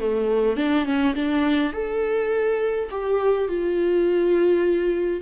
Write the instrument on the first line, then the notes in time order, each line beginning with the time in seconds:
viola
0.00 A3
0.56 D4
0.85 C#4
1.15 D4
1.73 A4
2.90 G4
3.48 F4